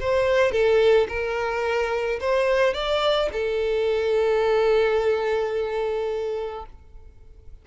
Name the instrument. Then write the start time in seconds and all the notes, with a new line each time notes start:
violin
0.00 C5
0.52 A4
1.08 A#4
2.20 C5
2.73 D5
3.32 A4